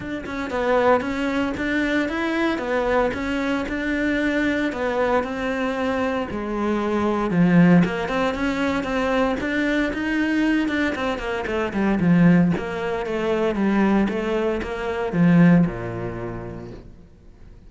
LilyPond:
\new Staff \with { instrumentName = "cello" } { \time 4/4 \tempo 4 = 115 d'8 cis'8 b4 cis'4 d'4 | e'4 b4 cis'4 d'4~ | d'4 b4 c'2 | gis2 f4 ais8 c'8 |
cis'4 c'4 d'4 dis'4~ | dis'8 d'8 c'8 ais8 a8 g8 f4 | ais4 a4 g4 a4 | ais4 f4 ais,2 | }